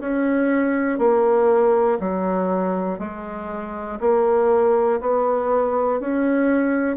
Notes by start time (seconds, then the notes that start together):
0.00 C#4
0.99 A#3
2.00 F#3
3.00 G#3
4.00 A#3
5.01 B3
6.00 C#4